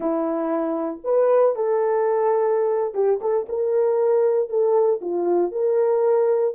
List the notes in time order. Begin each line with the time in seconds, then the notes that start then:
0.00 E4
1.04 B4
1.55 A4
2.94 G4
3.21 A4
3.48 A#4
4.49 A4
5.01 F4
5.51 A#4